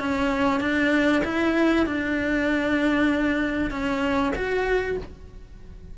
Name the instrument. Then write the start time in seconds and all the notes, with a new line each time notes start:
cello
0.00 C#4
0.60 D4
1.25 E4
1.86 D4
3.71 C#4
4.36 F#4